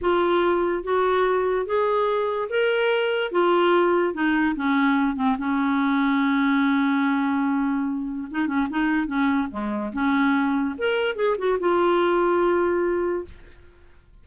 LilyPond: \new Staff \with { instrumentName = "clarinet" } { \time 4/4 \tempo 4 = 145 f'2 fis'2 | gis'2 ais'2 | f'2 dis'4 cis'4~ | cis'8 c'8 cis'2.~ |
cis'1 | dis'8 cis'8 dis'4 cis'4 gis4 | cis'2 ais'4 gis'8 fis'8 | f'1 | }